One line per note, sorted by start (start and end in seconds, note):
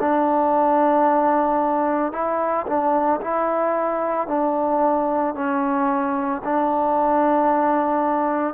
0.00 2.12 D4
2.12 2.66 E4
2.66 3.20 D4
3.21 4.27 E4
4.27 5.34 D4
5.34 6.41 C#4
6.44 8.54 D4